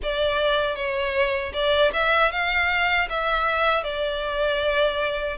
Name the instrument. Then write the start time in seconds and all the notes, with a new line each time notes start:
violin
0.02 D5
0.75 C#5
1.53 D5
1.93 E5
2.31 F5
3.09 E5
3.83 D5